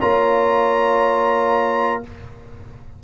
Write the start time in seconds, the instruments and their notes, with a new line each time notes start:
0.00 tuba A#3, trombone F4, horn C#5, trumpet A#5